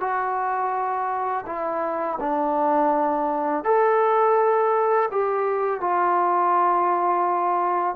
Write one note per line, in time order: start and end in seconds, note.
0.00 1.45 F#4
1.46 2.18 E4
2.20 3.64 D4
3.64 5.09 A4
5.11 5.80 G4
5.80 7.95 F4